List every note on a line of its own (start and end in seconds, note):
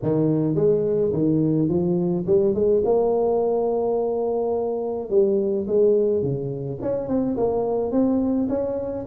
0.02 0.55 D#3
0.55 1.11 G#3
1.12 1.68 D#3
1.68 2.25 F3
2.26 2.54 G3
2.54 2.82 G#3
2.85 5.09 A#3
5.09 5.66 G3
5.67 6.22 G#3
6.22 6.78 C#3
6.81 7.08 C#4
7.08 7.36 C4
7.36 7.91 A#3
7.91 8.48 C4
8.49 9.05 C#4